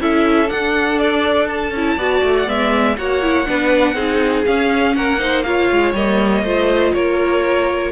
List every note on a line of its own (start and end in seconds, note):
0.00 0.50 C#4
0.00 0.47 E4
0.00 1.96 A4
0.00 0.49 E5
0.47 1.71 D4
0.47 0.98 F#5
0.98 1.48 D5
1.48 2.35 A5
1.71 1.96 C#4
1.71 1.99 E4
1.96 2.21 B3
1.96 2.45 F#4
1.96 2.95 D5
2.22 2.47 A3
2.37 2.49 F#5
2.45 2.97 G#3
2.45 2.95 B3
2.45 2.96 E5
2.96 3.47 A#3
2.96 3.22 F#4
2.96 3.48 C#5
2.96 4.45 F#5
3.22 3.45 E4
3.45 3.94 B3
3.45 3.95 D4
3.45 3.95 B4
3.94 4.43 C4
3.94 4.44 D#4
3.94 4.94 G#4
4.45 5.19 C#4
4.45 4.96 C#4
4.45 4.95 F5
4.95 5.70 A#3
4.95 5.20 A#4
4.95 5.43 F#5
5.19 5.43 D#4
5.19 5.45 C5
5.43 5.95 F4
5.43 6.43 C#5
5.43 5.92 F5
5.71 5.93 G#3
5.93 6.42 G3
5.93 6.45 A#3
5.93 6.93 D#5
6.43 6.92 A3
6.43 7.91 F4
6.43 6.93 C5
6.93 7.91 A#3
6.93 7.91 A#4
6.93 7.91 C#5